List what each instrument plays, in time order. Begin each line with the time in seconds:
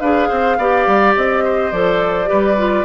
0.00 bassoon D4, clarinet G#4, oboe B4, flute F5
0.28 bassoon C4, oboe C5
0.58 bassoon B3, clarinet G4, oboe D5
0.87 bassoon G3
1.16 bassoon C4, flute D#5
1.44 oboe C5
1.72 bassoon F3, clarinet A4, flute D5
2.26 bassoon G3, clarinet G4, oboe B4
2.58 clarinet F4